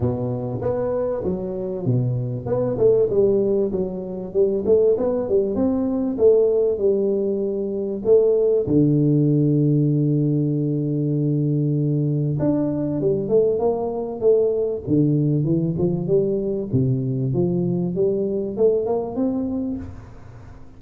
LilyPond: \new Staff \with { instrumentName = "tuba" } { \time 4/4 \tempo 4 = 97 b,4 b4 fis4 b,4 | b8 a8 g4 fis4 g8 a8 | b8 g8 c'4 a4 g4~ | g4 a4 d2~ |
d1 | d'4 g8 a8 ais4 a4 | d4 e8 f8 g4 c4 | f4 g4 a8 ais8 c'4 | }